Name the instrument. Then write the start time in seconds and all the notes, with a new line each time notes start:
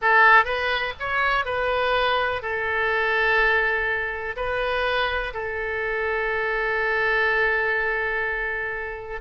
oboe
0.01 A4
0.44 B4
0.99 C#5
1.45 B4
2.42 A4
4.36 B4
5.33 A4